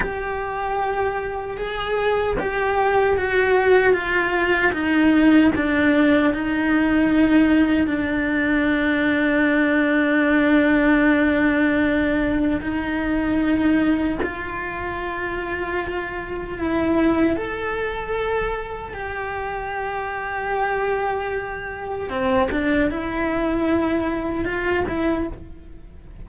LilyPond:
\new Staff \with { instrumentName = "cello" } { \time 4/4 \tempo 4 = 76 g'2 gis'4 g'4 | fis'4 f'4 dis'4 d'4 | dis'2 d'2~ | d'1 |
dis'2 f'2~ | f'4 e'4 a'2 | g'1 | c'8 d'8 e'2 f'8 e'8 | }